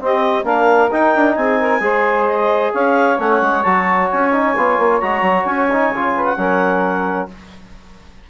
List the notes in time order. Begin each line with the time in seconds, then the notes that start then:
0.00 C4 G4 D#5
0.43 A#3 D4 A#4 F5
0.91 D#4 G5
1.16 D4
1.35 C4 G#4 G#5
1.59 A#4
1.80 G#3 G#4 C5
2.26 D#5
2.73 C#4 C#5 F5
3.18 A3 C#4 F#5
3.41 G#3
3.63 F#3 F#4 A5
4.11 C#4 G#5
4.32 D#4
4.57 B3 F4
4.78 A#3
5.00 G#3 F#4 A#5
5.22 F#3
5.45 C#4 G#5
5.72 D#4
5.89 C#3
5.95 F4
6.15 B4
6.25 F#5
6.37 F#3 C#4 A#4